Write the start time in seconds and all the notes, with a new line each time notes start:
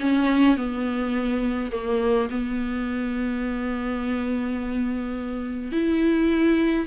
0.00 C#4
0.57 B3
1.72 A#3
2.30 B3
5.72 E4